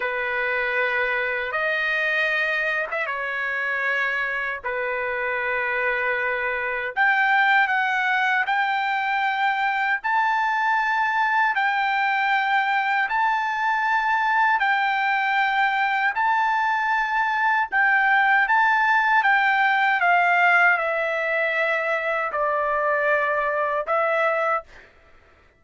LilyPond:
\new Staff \with { instrumentName = "trumpet" } { \time 4/4 \tempo 4 = 78 b'2 dis''4.~ dis''16 e''16 | cis''2 b'2~ | b'4 g''4 fis''4 g''4~ | g''4 a''2 g''4~ |
g''4 a''2 g''4~ | g''4 a''2 g''4 | a''4 g''4 f''4 e''4~ | e''4 d''2 e''4 | }